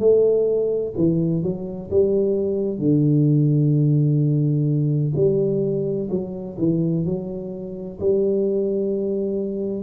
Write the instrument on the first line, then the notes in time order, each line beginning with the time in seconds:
tuba
0.00 A3
0.97 E3
1.43 F#3
1.90 G3
2.78 D3
5.16 G3
6.10 F#3
6.59 E3
7.05 F#3
8.00 G3